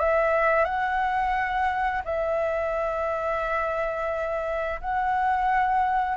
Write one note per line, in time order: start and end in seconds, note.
0.00 0.65 E5
0.65 2.03 F#5
2.05 4.81 E5
4.82 6.18 F#5